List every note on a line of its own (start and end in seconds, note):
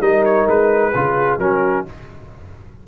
0.00 0.46 G3
0.00 0.93 D#4
0.00 0.93 A#4
0.00 0.24 D#5
0.25 0.48 C#5
0.47 0.93 G#3
0.47 1.39 B4
0.94 1.38 C#3
0.94 1.40 F4
0.94 1.41 G#4
1.38 1.84 F#3
1.38 1.86 C#4
1.38 1.87 F#4
1.38 1.85 A#4